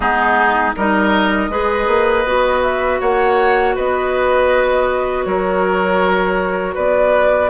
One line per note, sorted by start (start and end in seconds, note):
0.00 0.73 G#3
0.00 0.72 B3
0.00 0.75 D#4
0.00 0.72 G#4
0.75 1.49 G3
0.75 1.50 D#4
0.75 1.50 A#4
0.75 2.62 D#5
1.49 1.86 G#3
1.49 2.25 G#4
1.49 3.00 B4
1.87 2.24 A#3
2.25 3.00 B3
2.25 7.49 F#4
2.62 3.00 E5
3.00 3.76 A#3
3.00 3.75 C#5
3.00 3.75 F#5
3.75 5.25 B3
3.75 5.25 B4
3.75 5.23 D#5
5.23 6.75 F#3
5.23 6.74 A#4
5.23 6.73 C#5
6.74 7.49 B3
6.74 7.49 B4
6.74 7.49 D5